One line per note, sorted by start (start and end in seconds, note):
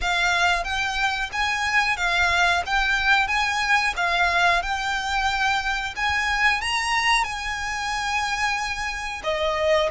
0.01 0.64 F5
0.64 1.29 G5
1.32 1.96 G#5
1.96 2.62 F5
2.66 3.27 G5
3.27 3.93 G#5
3.96 4.62 F5
4.62 5.94 G5
5.96 6.61 G#5
6.61 7.23 A#5
7.23 9.21 G#5
9.23 9.89 D#5